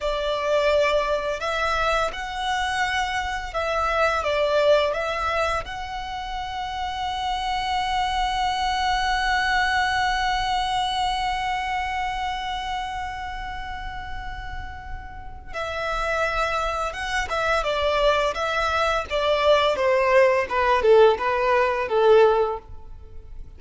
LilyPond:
\new Staff \with { instrumentName = "violin" } { \time 4/4 \tempo 4 = 85 d''2 e''4 fis''4~ | fis''4 e''4 d''4 e''4 | fis''1~ | fis''1~ |
fis''1~ | fis''2 e''2 | fis''8 e''8 d''4 e''4 d''4 | c''4 b'8 a'8 b'4 a'4 | }